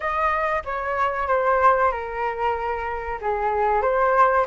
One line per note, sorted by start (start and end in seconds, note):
0.00 0.63 D#5
0.64 1.27 C#5
1.27 1.91 C5
1.91 3.19 A#4
3.21 3.82 G#4
3.82 4.45 C5